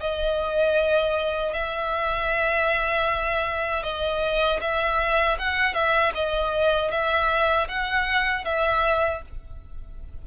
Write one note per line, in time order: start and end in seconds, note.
0.00 1.53 D#5
1.53 3.83 E5
3.83 4.59 D#5
4.61 5.38 E5
5.38 5.73 F#5
5.73 6.12 E5
6.15 6.91 D#5
6.91 7.68 E5
7.68 8.44 F#5
8.44 9.21 E5